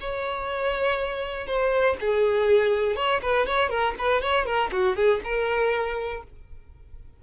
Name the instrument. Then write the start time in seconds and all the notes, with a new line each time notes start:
violin
0.00 C#5
1.47 C5
2.00 G#4
2.95 C#5
3.22 B4
3.46 C#5
3.69 A#4
3.98 B4
4.21 C#5
4.45 A#4
4.72 F#4
4.96 G#4
5.24 A#4